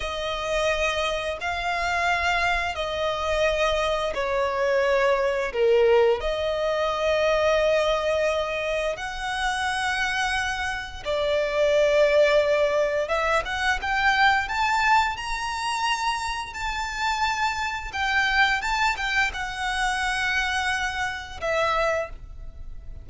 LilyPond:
\new Staff \with { instrumentName = "violin" } { \time 4/4 \tempo 4 = 87 dis''2 f''2 | dis''2 cis''2 | ais'4 dis''2.~ | dis''4 fis''2. |
d''2. e''8 fis''8 | g''4 a''4 ais''2 | a''2 g''4 a''8 g''8 | fis''2. e''4 | }